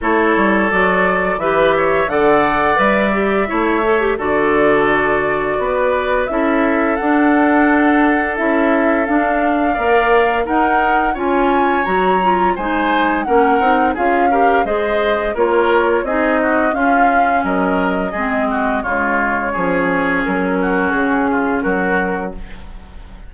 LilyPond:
<<
  \new Staff \with { instrumentName = "flute" } { \time 4/4 \tempo 4 = 86 cis''4 d''4 e''4 fis''4 | e''2 d''2~ | d''4 e''4 fis''2 | e''4 f''2 fis''4 |
gis''4 ais''4 gis''4 fis''4 | f''4 dis''4 cis''4 dis''4 | f''4 dis''2 cis''4~ | cis''4 ais'4 gis'4 ais'4 | }
  \new Staff \with { instrumentName = "oboe" } { \time 4/4 a'2 b'8 cis''8 d''4~ | d''4 cis''4 a'2 | b'4 a'2.~ | a'2 d''4 ais'4 |
cis''2 c''4 ais'4 | gis'8 ais'8 c''4 ais'4 gis'8 fis'8 | f'4 ais'4 gis'8 fis'8 f'4 | gis'4. fis'4 f'8 fis'4 | }
  \new Staff \with { instrumentName = "clarinet" } { \time 4/4 e'4 fis'4 g'4 a'4 | b'8 g'8 e'8 a'16 g'16 fis'2~ | fis'4 e'4 d'2 | e'4 d'4 ais'4 dis'4 |
f'4 fis'8 f'8 dis'4 cis'8 dis'8 | f'8 g'8 gis'4 f'4 dis'4 | cis'2 c'4 gis4 | cis'1 | }
  \new Staff \with { instrumentName = "bassoon" } { \time 4/4 a8 g8 fis4 e4 d4 | g4 a4 d2 | b4 cis'4 d'2 | cis'4 d'4 ais4 dis'4 |
cis'4 fis4 gis4 ais8 c'8 | cis'4 gis4 ais4 c'4 | cis'4 fis4 gis4 cis4 | f4 fis4 cis4 fis4 | }
>>